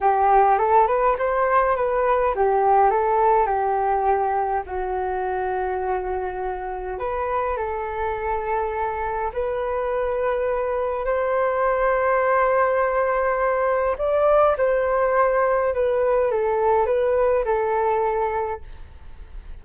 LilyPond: \new Staff \with { instrumentName = "flute" } { \time 4/4 \tempo 4 = 103 g'4 a'8 b'8 c''4 b'4 | g'4 a'4 g'2 | fis'1 | b'4 a'2. |
b'2. c''4~ | c''1 | d''4 c''2 b'4 | a'4 b'4 a'2 | }